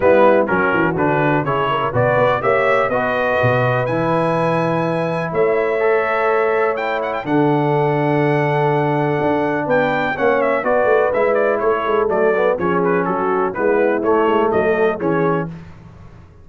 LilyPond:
<<
  \new Staff \with { instrumentName = "trumpet" } { \time 4/4 \tempo 4 = 124 b'4 ais'4 b'4 cis''4 | d''4 e''4 dis''2 | gis''2. e''4~ | e''2 g''8 fis''16 g''16 fis''4~ |
fis''1 | g''4 fis''8 e''8 d''4 e''8 d''8 | cis''4 d''4 cis''8 b'8 a'4 | b'4 cis''4 dis''4 cis''4 | }
  \new Staff \with { instrumentName = "horn" } { \time 4/4 e'4 fis'2 gis'8 ais'8 | b'4 cis''4 b'2~ | b'2. cis''4~ | cis''2. a'4~ |
a'1 | b'4 cis''4 b'2 | a'2 gis'4 fis'4 | e'2 a'4 gis'4 | }
  \new Staff \with { instrumentName = "trombone" } { \time 4/4 b4 cis'4 d'4 e'4 | fis'4 g'4 fis'2 | e'1 | a'2 e'4 d'4~ |
d'1~ | d'4 cis'4 fis'4 e'4~ | e'4 a8 b8 cis'2 | b4 a2 cis'4 | }
  \new Staff \with { instrumentName = "tuba" } { \time 4/4 g4 fis8 e8 d4 cis4 | b,8 b8 ais4 b4 b,4 | e2. a4~ | a2. d4~ |
d2. d'4 | b4 ais4 b8 a8 gis4 | a8 gis8 fis4 f4 fis4 | gis4 a8 gis8 fis4 e4 | }
>>